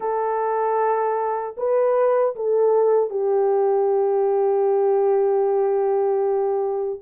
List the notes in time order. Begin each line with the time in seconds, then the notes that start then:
0.00 A4
1.57 B4
2.36 A4
3.10 G4